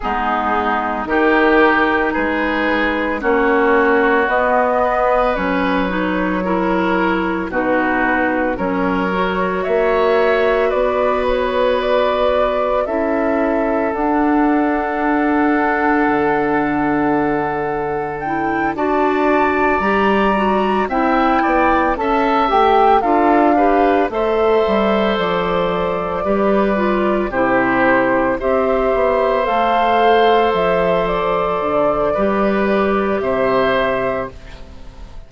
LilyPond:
<<
  \new Staff \with { instrumentName = "flute" } { \time 4/4 \tempo 4 = 56 gis'4 ais'4 b'4 cis''4 | dis''4 cis''2 b'4 | cis''4 e''4 d''8 cis''8 d''4 | e''4 fis''2.~ |
fis''4 g''8 a''4 ais''4 g''8~ | g''8 a''8 g''8 f''4 e''4 d''8~ | d''4. c''4 e''4 f''8~ | f''8 e''8 d''2 e''4 | }
  \new Staff \with { instrumentName = "oboe" } { \time 4/4 dis'4 g'4 gis'4 fis'4~ | fis'8 b'4. ais'4 fis'4 | ais'4 cis''4 b'2 | a'1~ |
a'4. d''2 e''8 | d''8 e''4 a'8 b'8 c''4.~ | c''8 b'4 g'4 c''4.~ | c''2 b'4 c''4 | }
  \new Staff \with { instrumentName = "clarinet" } { \time 4/4 b4 dis'2 cis'4 | b4 cis'8 dis'8 e'4 dis'4 | cis'8 fis'2.~ fis'8 | e'4 d'2.~ |
d'4 e'8 fis'4 g'8 fis'8 e'8~ | e'8 a'8 g'8 f'8 g'8 a'4.~ | a'8 g'8 f'8 e'4 g'4 a'8~ | a'2 g'2 | }
  \new Staff \with { instrumentName = "bassoon" } { \time 4/4 gis4 dis4 gis4 ais4 | b4 fis2 b,4 | fis4 ais4 b2 | cis'4 d'2 d4~ |
d4. d'4 g4 c'8 | b8 cis'8 a8 d'4 a8 g8 f8~ | f8 g4 c4 c'8 b8 a8~ | a8 f4 d8 g4 c4 | }
>>